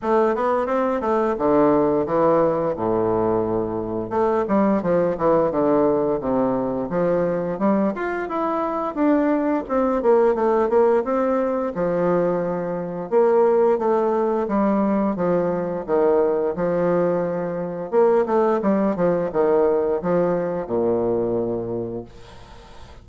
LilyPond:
\new Staff \with { instrumentName = "bassoon" } { \time 4/4 \tempo 4 = 87 a8 b8 c'8 a8 d4 e4 | a,2 a8 g8 f8 e8 | d4 c4 f4 g8 f'8 | e'4 d'4 c'8 ais8 a8 ais8 |
c'4 f2 ais4 | a4 g4 f4 dis4 | f2 ais8 a8 g8 f8 | dis4 f4 ais,2 | }